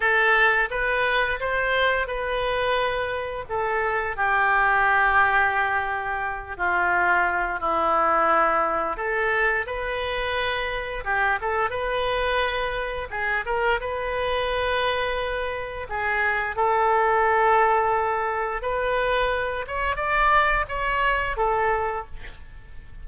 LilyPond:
\new Staff \with { instrumentName = "oboe" } { \time 4/4 \tempo 4 = 87 a'4 b'4 c''4 b'4~ | b'4 a'4 g'2~ | g'4. f'4. e'4~ | e'4 a'4 b'2 |
g'8 a'8 b'2 gis'8 ais'8 | b'2. gis'4 | a'2. b'4~ | b'8 cis''8 d''4 cis''4 a'4 | }